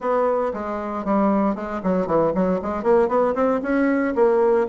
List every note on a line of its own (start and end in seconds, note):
0.00 0.52 B3
0.53 1.04 G#3
1.04 1.55 G3
1.55 1.81 G#3
1.83 2.06 F#3
2.06 2.32 E3
2.34 2.60 F#3
2.61 2.83 G#3
2.83 3.08 A#3
3.08 3.34 B3
3.35 3.60 C4
3.62 4.14 C#4
4.15 4.67 A#3